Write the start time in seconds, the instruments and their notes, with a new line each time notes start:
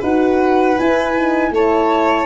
0.00 tuba D#4, horn F#4, violin B4, flute F#5
0.78 horn E4, tuba E4, flute G#5
1.17 horn D#4
1.51 tuba A3, horn E4, violin C#5, flute A5